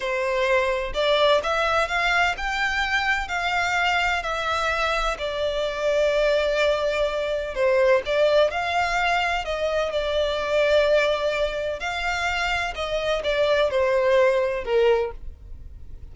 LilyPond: \new Staff \with { instrumentName = "violin" } { \time 4/4 \tempo 4 = 127 c''2 d''4 e''4 | f''4 g''2 f''4~ | f''4 e''2 d''4~ | d''1 |
c''4 d''4 f''2 | dis''4 d''2.~ | d''4 f''2 dis''4 | d''4 c''2 ais'4 | }